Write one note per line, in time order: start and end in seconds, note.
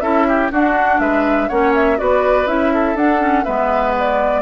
0.00 0.50 C#4
0.00 0.51 E4
0.00 0.27 A4
0.00 0.49 E5
0.28 0.52 G4
0.51 0.99 D4
0.51 1.51 D4
0.51 1.01 F#4
0.51 1.00 F#5
0.99 1.49 G#3
0.99 1.48 B4
0.99 1.48 E5
1.48 1.99 A#3
1.48 1.97 C#4
1.48 1.98 C#5
1.48 1.73 F#5
1.74 1.98 E5
1.97 2.46 B3
1.97 2.46 F#4
1.97 2.73 B4
1.97 2.47 D5
2.46 2.95 C#4
2.46 2.95 E4
2.46 2.96 E5
2.73 3.44 A4
2.95 3.44 D4
2.95 3.20 D4
2.95 3.44 F#5
3.20 3.45 C#4
3.44 4.42 G#3
3.44 4.42 B3
3.44 4.42 B4
3.44 3.93 E5
3.98 4.42 D5